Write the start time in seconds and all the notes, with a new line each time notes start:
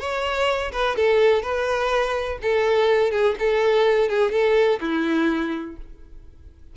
0.00 C#5
0.72 B4
0.96 A4
1.43 B4
2.42 A4
3.12 G#4
3.39 A4
4.09 G#4
4.32 A4
4.81 E4